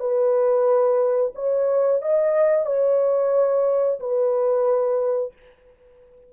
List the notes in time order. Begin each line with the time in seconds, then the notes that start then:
0.00 B4
1.35 C#5
2.02 D#5
2.66 C#5
4.00 B4